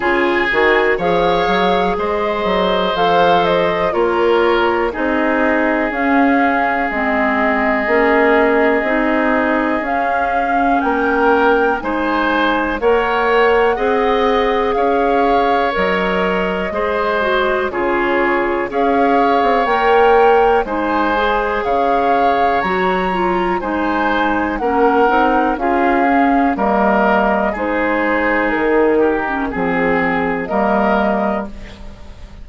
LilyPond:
<<
  \new Staff \with { instrumentName = "flute" } { \time 4/4 \tempo 4 = 61 gis''4 f''4 dis''4 f''8 dis''8 | cis''4 dis''4 f''4 dis''4~ | dis''2 f''4 g''4 | gis''4 fis''2 f''4 |
dis''2 cis''4 f''4 | g''4 gis''4 f''4 ais''4 | gis''4 fis''4 f''4 dis''4 | c''4 ais'4 gis'4 dis''4 | }
  \new Staff \with { instrumentName = "oboe" } { \time 4/4 gis'4 cis''4 c''2 | ais'4 gis'2.~ | gis'2. ais'4 | c''4 cis''4 dis''4 cis''4~ |
cis''4 c''4 gis'4 cis''4~ | cis''4 c''4 cis''2 | c''4 ais'4 gis'4 ais'4 | gis'4. g'8 gis'4 ais'4 | }
  \new Staff \with { instrumentName = "clarinet" } { \time 4/4 f'8 fis'8 gis'2 a'4 | f'4 dis'4 cis'4 c'4 | cis'4 dis'4 cis'2 | dis'4 ais'4 gis'2 |
ais'4 gis'8 fis'8 f'4 gis'4 | ais'4 dis'8 gis'4. fis'8 f'8 | dis'4 cis'8 dis'8 f'8 cis'8 ais4 | dis'4.~ dis'16 cis'16 c'4 ais4 | }
  \new Staff \with { instrumentName = "bassoon" } { \time 4/4 cis8 dis8 f8 fis8 gis8 fis8 f4 | ais4 c'4 cis'4 gis4 | ais4 c'4 cis'4 ais4 | gis4 ais4 c'4 cis'4 |
fis4 gis4 cis4 cis'8. c'16 | ais4 gis4 cis4 fis4 | gis4 ais8 c'8 cis'4 g4 | gis4 dis4 f4 g4 | }
>>